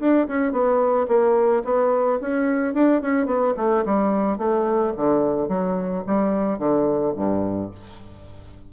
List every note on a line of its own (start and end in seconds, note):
0.00 0.28 D4
0.28 0.52 C#4
0.52 1.07 B3
1.08 1.63 A#3
1.65 2.20 B3
2.21 2.74 C#4
2.74 3.02 D4
3.02 3.27 C#4
3.27 3.54 B3
3.58 3.85 A3
3.86 4.38 G3
4.38 4.93 A3
4.97 5.49 D3
5.49 6.04 F#3
6.07 6.59 G3
6.59 7.14 D3
7.16 7.71 G2